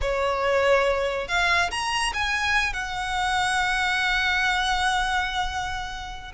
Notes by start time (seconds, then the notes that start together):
0.01 C#5
1.28 F5
1.70 A#5
2.13 G#5
2.73 F#5